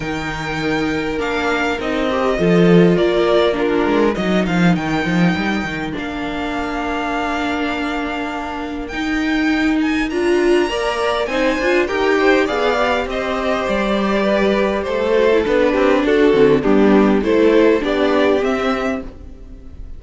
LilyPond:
<<
  \new Staff \with { instrumentName = "violin" } { \time 4/4 \tempo 4 = 101 g''2 f''4 dis''4~ | dis''4 d''4 ais'4 dis''8 f''8 | g''2 f''2~ | f''2. g''4~ |
g''8 gis''8 ais''2 gis''4 | g''4 f''4 dis''4 d''4~ | d''4 c''4 b'4 a'4 | g'4 c''4 d''4 e''4 | }
  \new Staff \with { instrumentName = "violin" } { \time 4/4 ais'1 | a'4 ais'4 f'4 ais'4~ | ais'1~ | ais'1~ |
ais'2 d''4 c''4 | ais'8 c''8 d''4 c''2 | b'4 a'4. g'8 fis'4 | d'4 a'4 g'2 | }
  \new Staff \with { instrumentName = "viola" } { \time 4/4 dis'2 d'4 dis'8 g'8 | f'2 d'4 dis'4~ | dis'2 d'2~ | d'2. dis'4~ |
dis'4 f'4 ais'4 dis'8 f'8 | g'4 gis'8 g'2~ g'8~ | g'4. fis'16 e'16 d'4. c'8 | b4 e'4 d'4 c'4 | }
  \new Staff \with { instrumentName = "cello" } { \time 4/4 dis2 ais4 c'4 | f4 ais4. gis8 fis8 f8 | dis8 f8 g8 dis8 ais2~ | ais2. dis'4~ |
dis'4 d'4 ais4 c'8 d'8 | dis'4 b4 c'4 g4~ | g4 a4 b8 c'8 d'8 d8 | g4 a4 b4 c'4 | }
>>